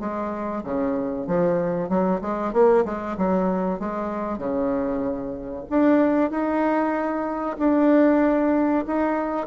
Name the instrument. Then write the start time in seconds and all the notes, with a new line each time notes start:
bassoon
0.00 G#3
0.64 C#3
1.27 F3
1.89 F#3
2.22 G#3
2.53 A#3
2.85 G#3
3.18 F#3
3.80 G#3
4.39 C#3
5.70 D4
6.31 D#4
7.59 D4
8.87 D#4